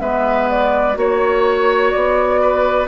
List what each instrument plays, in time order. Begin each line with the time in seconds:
0.00 bassoon G#3, clarinet B3, oboe B4, flute E5
0.50 flute D5
0.94 bassoon A#3, clarinet F#4, oboe C#5, flute C#5
1.91 bassoon B3, flute D5
2.41 oboe B4